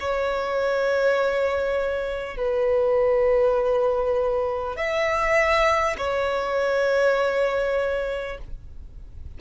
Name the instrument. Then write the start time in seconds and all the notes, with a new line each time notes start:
violin
0.00 C#5
2.37 B4
4.77 E5
5.98 C#5